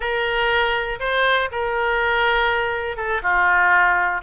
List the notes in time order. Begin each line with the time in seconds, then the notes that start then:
0.00 A#4
0.99 C5
1.51 A#4
2.96 A4
3.22 F4